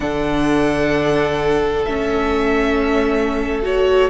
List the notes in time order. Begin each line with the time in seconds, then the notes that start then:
0.00 D3 D4 A4 F#5
1.84 A3 C#4 E5
3.62 F#4 C#5